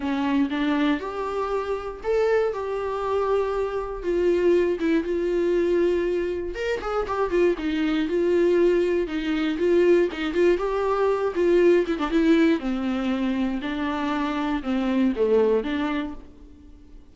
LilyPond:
\new Staff \with { instrumentName = "viola" } { \time 4/4 \tempo 4 = 119 cis'4 d'4 g'2 | a'4 g'2. | f'4. e'8 f'2~ | f'4 ais'8 gis'8 g'8 f'8 dis'4 |
f'2 dis'4 f'4 | dis'8 f'8 g'4. f'4 e'16 d'16 | e'4 c'2 d'4~ | d'4 c'4 a4 d'4 | }